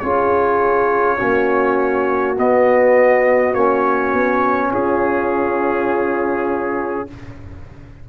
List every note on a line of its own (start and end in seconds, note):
0.00 1.21 C#4
0.00 1.18 F4
0.00 1.18 G#4
0.00 2.35 C#5
1.18 2.37 A#3
1.18 2.36 C#4
1.18 4.71 F#4
2.37 3.54 B3
2.37 3.55 B3
2.37 3.54 D#5
3.54 4.13 A#3
3.54 7.08 C#4
3.54 4.72 C#5
4.13 4.72 B3
4.72 7.07 C#4
4.72 7.07 F4
4.72 7.09 G#4